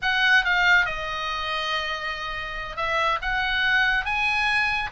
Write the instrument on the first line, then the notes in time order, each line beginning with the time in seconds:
oboe
0.02 F#5
0.44 F5
0.85 D#5
2.76 E5
3.21 F#5
4.05 G#5